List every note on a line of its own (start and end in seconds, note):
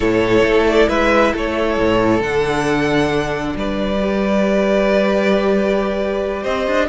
0.00 0.42 A2
0.00 2.20 E4
0.00 0.88 A4
0.00 0.66 C#5
0.42 0.87 A3
0.67 0.89 D5
0.88 1.33 G#3
0.88 1.32 B4
0.88 1.33 E5
1.32 1.77 A3
1.32 3.55 A4
1.32 2.22 C#5
1.77 2.20 A2
2.20 3.54 D3
2.20 3.98 D4
2.20 3.55 F#5
3.56 6.44 G3
3.56 6.42 B4
3.56 6.44 D5
4.00 6.88 G4
6.42 6.67 C4
6.42 6.87 C5
6.42 6.88 D#5
6.67 6.88 D4